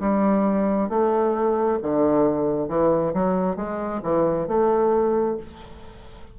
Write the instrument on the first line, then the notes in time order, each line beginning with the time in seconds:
bassoon
0.00 G3
0.89 A3
1.82 D3
2.69 E3
3.13 F#3
3.56 G#3
4.03 E3
4.48 A3